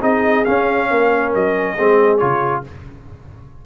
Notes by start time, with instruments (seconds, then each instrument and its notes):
0.00 tuba C4, trombone D#4, horn G#4, trumpet D#5
0.45 trombone C#4, tuba C#4, trumpet F5
0.90 tuba A#3, horn A#4
1.35 tuba F#3, trumpet D#5
1.75 tuba G#3, trombone C4, horn G#4
2.18 tuba C#3, trombone F4, trumpet C#5